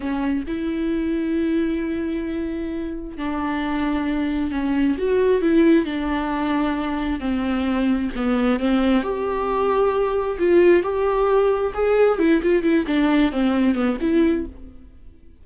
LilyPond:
\new Staff \with { instrumentName = "viola" } { \time 4/4 \tempo 4 = 133 cis'4 e'2.~ | e'2. d'4~ | d'2 cis'4 fis'4 | e'4 d'2. |
c'2 b4 c'4 | g'2. f'4 | g'2 gis'4 e'8 f'8 | e'8 d'4 c'4 b8 e'4 | }